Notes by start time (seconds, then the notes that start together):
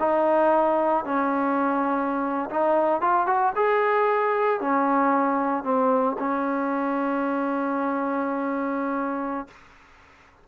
0.00 D#4
1.05 C#4
2.50 D#4
3.02 F4
3.27 F#4
3.56 G#4
4.61 C#4
5.64 C4
6.19 C#4